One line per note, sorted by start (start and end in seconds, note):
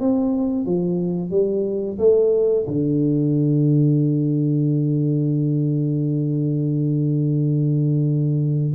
0.00 0.65 C4
0.65 1.30 F3
1.30 1.98 G3
1.98 2.66 A3
2.67 8.74 D3